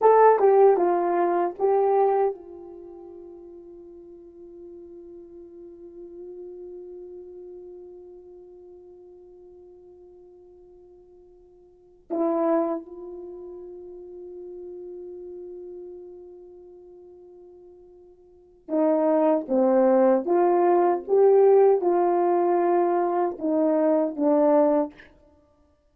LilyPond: \new Staff \with { instrumentName = "horn" } { \time 4/4 \tempo 4 = 77 a'8 g'8 f'4 g'4 f'4~ | f'1~ | f'1~ | f'2.~ f'8 e'8~ |
e'8 f'2.~ f'8~ | f'1 | dis'4 c'4 f'4 g'4 | f'2 dis'4 d'4 | }